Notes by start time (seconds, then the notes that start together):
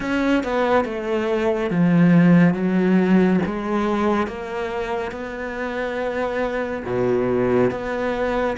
0.00 C#4
0.43 B3
0.85 A3
1.70 F3
2.54 F#3
3.45 G#3
4.27 A#3
5.11 B3
6.85 B2
7.70 B3